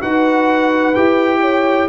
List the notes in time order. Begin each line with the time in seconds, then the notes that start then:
0.00 D#4 F#4 B4 F#5
0.95 E4 G4 G5
1.41 C#5